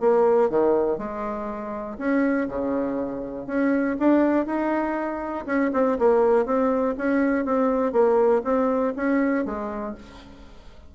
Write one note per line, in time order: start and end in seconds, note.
0.00 0.50 A#3
0.50 0.98 D#3
0.98 1.97 G#3
1.98 2.47 C#4
2.49 3.47 C#3
3.47 3.96 C#4
3.99 4.46 D4
4.46 5.45 D#4
5.46 5.71 C#4
5.73 5.98 C4
5.99 6.46 A#3
6.46 6.95 C4
6.98 7.45 C#4
7.45 7.93 C4
7.93 8.42 A#3
8.44 8.94 C4
8.97 9.46 C#4
9.46 9.95 G#3